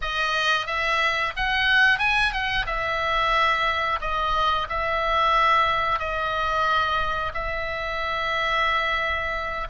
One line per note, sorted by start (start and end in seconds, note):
0.01 0.66 D#5
0.66 1.32 E5
1.36 1.98 F#5
1.98 2.32 G#5
2.32 2.65 F#5
2.66 3.99 E5
4.00 4.67 D#5
4.69 5.99 E5
5.99 7.32 D#5
7.34 9.67 E5